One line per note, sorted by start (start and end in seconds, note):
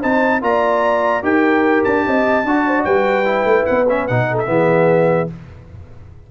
0.00 0.42 C4
0.00 0.42 D#4
0.00 0.41 C5
0.00 0.43 A5
0.42 1.23 A#3
0.42 1.22 F4
0.42 1.24 D5
0.42 1.24 A#5
1.22 1.84 D#4
1.22 2.44 G4
1.22 2.05 A#4
1.22 1.84 G5
1.84 2.06 D4
1.84 2.84 A5
2.06 2.44 C4
2.06 2.46 D#5
2.44 2.85 D4
2.44 3.25 F#4
2.44 2.66 D5
2.67 2.77 C5
2.77 2.86 D5
2.84 3.45 G3
2.84 4.28 B4
2.84 3.65 G5
3.25 3.86 E4
3.45 3.65 A3
3.65 4.09 B3
3.65 3.86 F#5
3.89 4.09 C#4
3.89 4.07 E5
4.07 4.47 B2
4.07 4.46 D#4
4.07 4.37 F#5
4.31 4.50 A4
4.39 5.30 E5
4.46 5.29 E3
4.46 5.27 B3
4.46 5.31 G#4